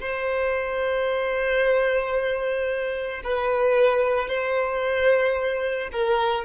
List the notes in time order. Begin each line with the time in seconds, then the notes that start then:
0.00 C5
3.24 B4
4.28 C5
5.92 A#4